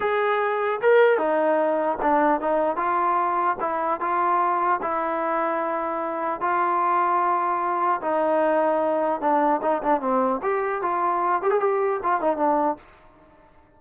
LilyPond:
\new Staff \with { instrumentName = "trombone" } { \time 4/4 \tempo 4 = 150 gis'2 ais'4 dis'4~ | dis'4 d'4 dis'4 f'4~ | f'4 e'4 f'2 | e'1 |
f'1 | dis'2. d'4 | dis'8 d'8 c'4 g'4 f'4~ | f'8 g'16 gis'16 g'4 f'8 dis'8 d'4 | }